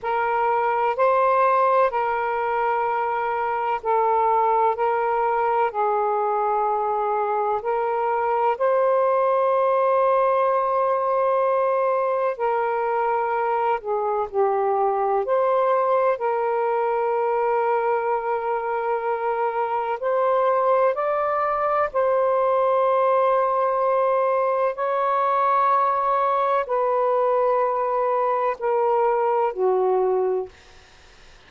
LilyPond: \new Staff \with { instrumentName = "saxophone" } { \time 4/4 \tempo 4 = 63 ais'4 c''4 ais'2 | a'4 ais'4 gis'2 | ais'4 c''2.~ | c''4 ais'4. gis'8 g'4 |
c''4 ais'2.~ | ais'4 c''4 d''4 c''4~ | c''2 cis''2 | b'2 ais'4 fis'4 | }